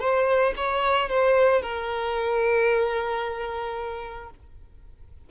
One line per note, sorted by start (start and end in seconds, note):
0.00 0.54 C5
0.57 1.09 C#5
1.09 1.62 C5
1.62 4.30 A#4